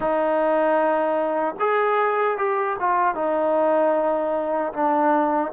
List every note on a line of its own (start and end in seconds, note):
0.00 1.55 D#4
1.59 2.37 G#4
2.37 2.76 G4
2.79 3.14 F4
3.14 4.72 D#4
4.73 5.52 D4